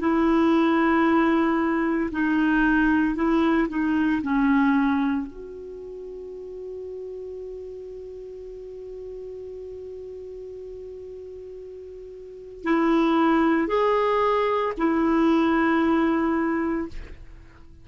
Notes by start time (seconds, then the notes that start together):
0.00 E4
2.12 D#4
3.15 E4
3.69 D#4
4.22 C#4
5.27 F#4
12.64 E4
13.68 G#4
14.78 E4